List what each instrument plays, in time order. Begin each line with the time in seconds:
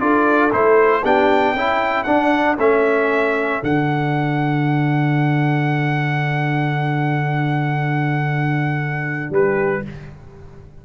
0.00 tuba D4, trombone F4, horn A4, trumpet D5
0.51 tuba A3, trombone E4, trumpet C5
1.04 tuba B3, trombone D4, horn G4, trumpet G5
1.54 tuba C#4, trombone E4, horn A4
2.04 trombone D4, tuba D4, trumpet F#5
2.58 tuba A3, trombone C#4, trumpet E5
3.62 tuba D3, trombone D4, trumpet F#5
9.30 tuba G3, horn G4, trumpet B4